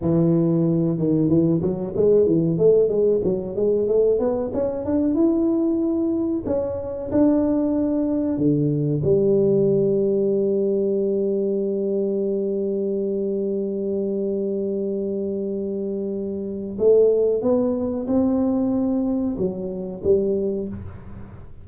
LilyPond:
\new Staff \with { instrumentName = "tuba" } { \time 4/4 \tempo 4 = 93 e4. dis8 e8 fis8 gis8 e8 | a8 gis8 fis8 gis8 a8 b8 cis'8 d'8 | e'2 cis'4 d'4~ | d'4 d4 g2~ |
g1~ | g1~ | g2 a4 b4 | c'2 fis4 g4 | }